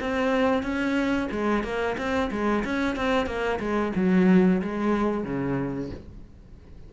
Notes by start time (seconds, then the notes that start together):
0.00 C4
0.63 C#4
1.31 G#3
1.64 A#3
1.98 C4
2.31 G#3
2.64 C#4
2.96 C4
3.27 A#3
3.60 G#3
3.96 F#3
4.62 G#3
5.24 C#3